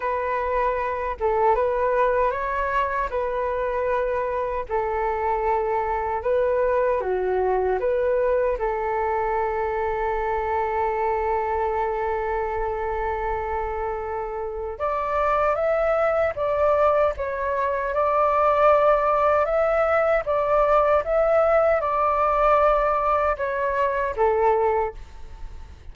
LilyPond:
\new Staff \with { instrumentName = "flute" } { \time 4/4 \tempo 4 = 77 b'4. a'8 b'4 cis''4 | b'2 a'2 | b'4 fis'4 b'4 a'4~ | a'1~ |
a'2. d''4 | e''4 d''4 cis''4 d''4~ | d''4 e''4 d''4 e''4 | d''2 cis''4 a'4 | }